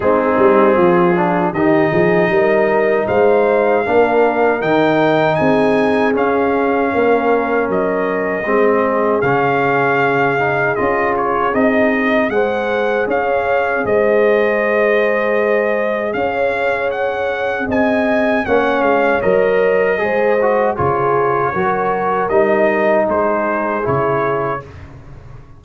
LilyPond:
<<
  \new Staff \with { instrumentName = "trumpet" } { \time 4/4 \tempo 4 = 78 gis'2 dis''2 | f''2 g''4 gis''4 | f''2 dis''2 | f''2 dis''8 cis''8 dis''4 |
fis''4 f''4 dis''2~ | dis''4 f''4 fis''4 gis''4 | fis''8 f''8 dis''2 cis''4~ | cis''4 dis''4 c''4 cis''4 | }
  \new Staff \with { instrumentName = "horn" } { \time 4/4 dis'4 f'4 g'8 gis'8 ais'4 | c''4 ais'2 gis'4~ | gis'4 ais'2 gis'4~ | gis'1 |
c''4 cis''4 c''2~ | c''4 cis''2 dis''4 | cis''2 c''4 gis'4 | ais'2 gis'2 | }
  \new Staff \with { instrumentName = "trombone" } { \time 4/4 c'4. d'8 dis'2~ | dis'4 d'4 dis'2 | cis'2. c'4 | cis'4. dis'8 f'4 dis'4 |
gis'1~ | gis'1 | cis'4 ais'4 gis'8 fis'8 f'4 | fis'4 dis'2 e'4 | }
  \new Staff \with { instrumentName = "tuba" } { \time 4/4 gis8 g8 f4 dis8 f8 g4 | gis4 ais4 dis4 c'4 | cis'4 ais4 fis4 gis4 | cis2 cis'4 c'4 |
gis4 cis'4 gis2~ | gis4 cis'2 c'4 | ais8 gis8 fis4 gis4 cis4 | fis4 g4 gis4 cis4 | }
>>